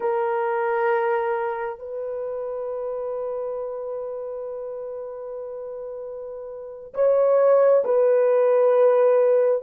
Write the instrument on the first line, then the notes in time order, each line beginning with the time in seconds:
horn
0.00 A#4
1.78 B4
6.94 C#5
7.84 B4